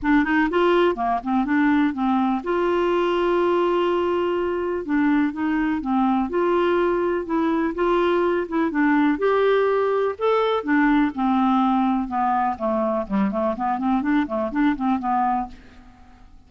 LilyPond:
\new Staff \with { instrumentName = "clarinet" } { \time 4/4 \tempo 4 = 124 d'8 dis'8 f'4 ais8 c'8 d'4 | c'4 f'2.~ | f'2 d'4 dis'4 | c'4 f'2 e'4 |
f'4. e'8 d'4 g'4~ | g'4 a'4 d'4 c'4~ | c'4 b4 a4 g8 a8 | b8 c'8 d'8 a8 d'8 c'8 b4 | }